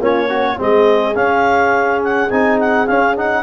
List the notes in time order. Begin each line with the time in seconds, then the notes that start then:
0.00 A#3 C#4 F4 C#5
0.27 C#4 F#4
0.58 G#3 C4 G#4 D#5
1.15 C#4 F5
2.04 F#5
2.30 C4 D#4 G#5
2.60 F#5
2.87 C#4 F5
3.16 D#4 F#5